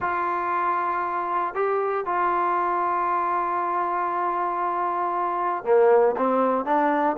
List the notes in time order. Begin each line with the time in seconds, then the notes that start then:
0.00 F4
1.54 G4
2.05 F4
5.64 A#3
6.17 C4
6.65 D4